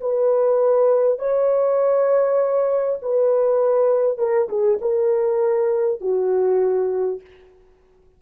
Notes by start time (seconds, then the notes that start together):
0.00 B4
1.18 C#5
3.02 B4
4.18 A#4
4.48 G#4
4.81 A#4
6.00 F#4